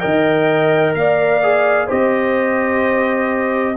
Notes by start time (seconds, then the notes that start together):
0.00 D#3 A#4 D#5 G5
0.95 A#3 D5 F5
1.43 G#4
1.87 C4 G4 C5 D#5